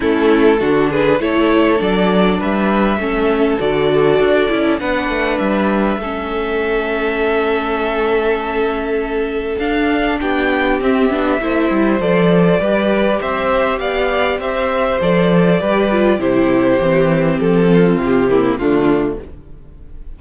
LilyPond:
<<
  \new Staff \with { instrumentName = "violin" } { \time 4/4 \tempo 4 = 100 a'4. b'8 cis''4 d''4 | e''2 d''2 | fis''4 e''2.~ | e''1 |
f''4 g''4 e''2 | d''2 e''4 f''4 | e''4 d''2 c''4~ | c''4 a'4 g'4 f'4 | }
  \new Staff \with { instrumentName = "violin" } { \time 4/4 e'4 fis'8 gis'8 a'2 | b'4 a'2. | b'2 a'2~ | a'1~ |
a'4 g'2 c''4~ | c''4 b'4 c''4 d''4 | c''2 b'4 g'4~ | g'4. f'4 e'8 d'4 | }
  \new Staff \with { instrumentName = "viola" } { \time 4/4 cis'4 d'4 e'4 d'4~ | d'4 cis'4 fis'4. e'8 | d'2 cis'2~ | cis'1 |
d'2 c'8 d'8 e'4 | a'4 g'2.~ | g'4 a'4 g'8 f'8 e'4 | c'2~ c'8 ais8 a4 | }
  \new Staff \with { instrumentName = "cello" } { \time 4/4 a4 d4 a4 fis4 | g4 a4 d4 d'8 cis'8 | b8 a8 g4 a2~ | a1 |
d'4 b4 c'8 b8 a8 g8 | f4 g4 c'4 b4 | c'4 f4 g4 c4 | e4 f4 c4 d4 | }
>>